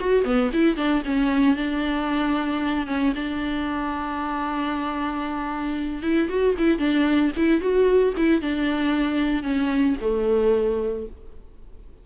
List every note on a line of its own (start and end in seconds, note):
0.00 0.25 F#4
0.25 0.51 B3
0.53 0.77 E4
0.77 1.03 D4
1.06 1.57 C#4
1.57 2.87 D4
2.87 3.13 C#4
3.16 6.03 D4
6.03 6.29 E4
6.29 6.56 F#4
6.59 6.79 E4
6.79 7.32 D4
7.37 7.61 E4
7.61 8.14 F#4
8.17 8.42 E4
8.42 9.44 D4
9.44 9.96 C#4
10.01 11.07 A3